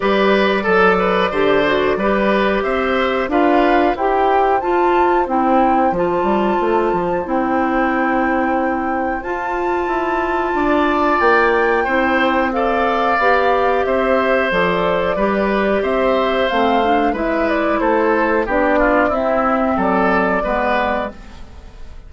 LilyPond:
<<
  \new Staff \with { instrumentName = "flute" } { \time 4/4 \tempo 4 = 91 d''1 | e''4 f''4 g''4 a''4 | g''4 a''2 g''4~ | g''2 a''2~ |
a''4 g''2 f''4~ | f''4 e''4 d''2 | e''4 f''4 e''8 d''8 c''4 | d''4 e''4 d''2 | }
  \new Staff \with { instrumentName = "oboe" } { \time 4/4 b'4 a'8 b'8 c''4 b'4 | c''4 b'4 c''2~ | c''1~ | c''1 |
d''2 c''4 d''4~ | d''4 c''2 b'4 | c''2 b'4 a'4 | g'8 f'8 e'4 a'4 b'4 | }
  \new Staff \with { instrumentName = "clarinet" } { \time 4/4 g'4 a'4 g'8 fis'8 g'4~ | g'4 f'4 g'4 f'4 | e'4 f'2 e'4~ | e'2 f'2~ |
f'2 e'4 a'4 | g'2 a'4 g'4~ | g'4 c'8 d'8 e'2 | d'4 c'2 b4 | }
  \new Staff \with { instrumentName = "bassoon" } { \time 4/4 g4 fis4 d4 g4 | c'4 d'4 e'4 f'4 | c'4 f8 g8 a8 f8 c'4~ | c'2 f'4 e'4 |
d'4 ais4 c'2 | b4 c'4 f4 g4 | c'4 a4 gis4 a4 | b4 c'4 fis4 gis4 | }
>>